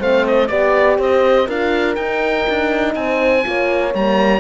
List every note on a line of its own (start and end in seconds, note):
0.00 0.50 A3
0.00 0.49 C4
0.00 0.50 C5
0.00 0.27 F5
0.28 0.48 D#5
0.48 0.99 B3
0.48 1.48 G4
0.48 0.97 D5
0.48 0.99 D5
0.99 1.48 C4
0.99 1.48 C5
0.99 1.50 D#5
1.48 1.97 D4
1.48 1.98 F4
1.48 2.95 A#4
1.48 1.96 F5
1.96 2.47 D#4
1.96 3.43 D#4
1.96 2.94 G5
2.50 2.96 D4
2.95 3.45 C4
2.95 3.47 C5
2.95 3.94 G#5
3.43 3.95 A#3
3.43 3.92 F4
3.43 4.41 C#5
3.93 4.41 G3
3.93 4.41 A#3
3.93 4.41 A#5